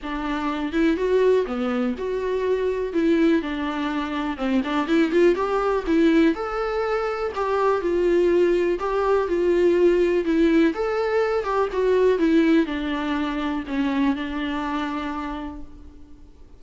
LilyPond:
\new Staff \with { instrumentName = "viola" } { \time 4/4 \tempo 4 = 123 d'4. e'8 fis'4 b4 | fis'2 e'4 d'4~ | d'4 c'8 d'8 e'8 f'8 g'4 | e'4 a'2 g'4 |
f'2 g'4 f'4~ | f'4 e'4 a'4. g'8 | fis'4 e'4 d'2 | cis'4 d'2. | }